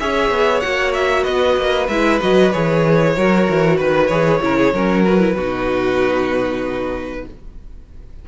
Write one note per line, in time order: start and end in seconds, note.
0.00 0.31 C#4
0.00 0.63 G#4
0.00 1.23 C#5
0.00 0.61 E5
0.31 0.63 B3
0.61 1.27 A#3
0.61 1.89 F#4
0.61 0.92 F#5
0.94 1.24 E5
1.23 1.58 B3
1.23 3.13 B4
1.23 1.88 D#5
1.58 1.89 A#3
1.88 2.20 G#3
1.88 2.21 E4
1.88 2.20 E5
2.21 2.55 F#3
2.21 2.53 F#4
2.21 2.52 D#5
2.52 3.17 E3
2.52 3.17 G#4
2.52 3.79 C#5
3.17 3.49 F#3
3.17 4.11 F#4
3.17 3.77 A#4
3.49 3.81 E3
3.77 4.10 D#3
3.77 4.40 B4
3.77 4.08 B4
4.08 4.41 E3
4.08 4.42 G#4
4.08 5.02 C#5
4.42 4.74 C#3
4.42 4.73 E4
4.42 4.58 A#4
4.58 4.74 G#4
4.74 5.36 F#3
4.74 5.06 C#4
4.74 5.36 A#4
5.05 5.20 F#4
5.05 7.26 B4
5.20 5.36 E4
5.36 7.25 B2
5.36 7.29 D#4
5.36 7.26 F#4